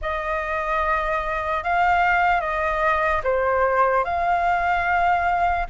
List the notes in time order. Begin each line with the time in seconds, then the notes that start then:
0.01 D#5
1.63 F5
2.40 D#5
3.23 C5
4.04 F5